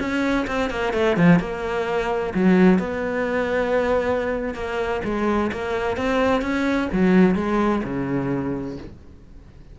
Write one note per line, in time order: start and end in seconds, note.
0.00 0.47 C#4
0.48 0.70 C4
0.70 0.94 A#3
0.94 1.17 A3
1.17 1.40 F3
1.40 2.34 A#3
2.35 2.79 F#3
2.79 4.55 B3
4.55 5.02 A#3
5.05 5.51 G#3
5.52 5.97 A#3
5.97 6.42 C4
6.42 6.89 C#4
6.93 7.36 F#3
7.36 7.83 G#3
7.84 8.78 C#3